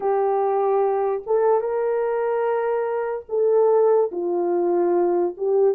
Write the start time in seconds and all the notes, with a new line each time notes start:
0.00 G4
1.26 A4
1.60 A#4
3.28 A4
4.11 F4
5.37 G4